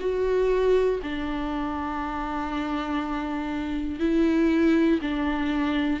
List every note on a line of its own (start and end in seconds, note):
0.00 1.00 F#4
1.03 4.00 D4
4.00 5.00 E4
5.01 6.00 D4